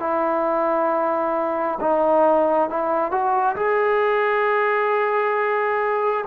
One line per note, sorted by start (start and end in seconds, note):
0.00 1.79 E4
1.81 2.70 D#4
2.70 3.11 E4
3.11 3.56 F#4
3.56 6.25 G#4